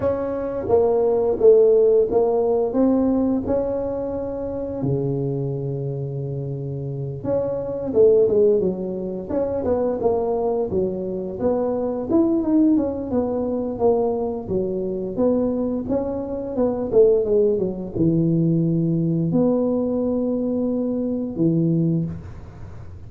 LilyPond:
\new Staff \with { instrumentName = "tuba" } { \time 4/4 \tempo 4 = 87 cis'4 ais4 a4 ais4 | c'4 cis'2 cis4~ | cis2~ cis8 cis'4 a8 | gis8 fis4 cis'8 b8 ais4 fis8~ |
fis8 b4 e'8 dis'8 cis'8 b4 | ais4 fis4 b4 cis'4 | b8 a8 gis8 fis8 e2 | b2. e4 | }